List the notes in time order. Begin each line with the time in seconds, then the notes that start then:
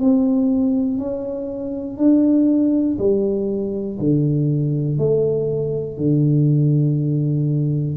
0.00 C4
0.98 C#4
1.98 D4
2.98 G3
3.99 D3
4.98 A3
5.97 D3